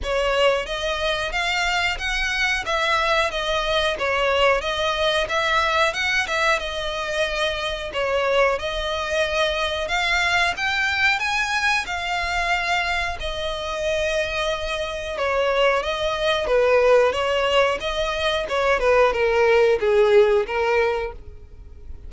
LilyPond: \new Staff \with { instrumentName = "violin" } { \time 4/4 \tempo 4 = 91 cis''4 dis''4 f''4 fis''4 | e''4 dis''4 cis''4 dis''4 | e''4 fis''8 e''8 dis''2 | cis''4 dis''2 f''4 |
g''4 gis''4 f''2 | dis''2. cis''4 | dis''4 b'4 cis''4 dis''4 | cis''8 b'8 ais'4 gis'4 ais'4 | }